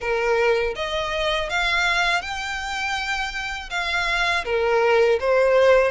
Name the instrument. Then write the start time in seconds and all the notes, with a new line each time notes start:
violin
0.00 A#4
0.75 D#5
1.49 F5
2.21 G5
3.70 F5
4.44 A#4
5.20 C5